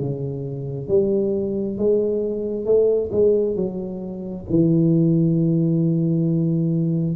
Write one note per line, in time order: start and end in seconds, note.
0.00 0.88 C#3
0.88 1.78 G3
1.78 2.65 G#3
2.65 3.10 A3
3.12 3.56 G#3
3.56 4.45 F#3
4.50 7.16 E3